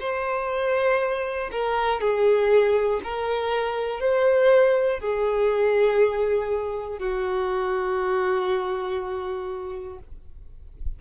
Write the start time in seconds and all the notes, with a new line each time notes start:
0.00 C5
1.52 A#4
2.00 G#4
3.04 A#4
4.00 C5
5.00 G#4
6.99 F#4